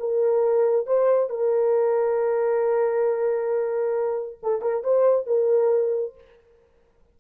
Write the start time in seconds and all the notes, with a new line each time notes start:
0.00 A#4
0.87 C5
1.30 A#4
4.43 A4
4.62 A#4
4.84 C5
5.27 A#4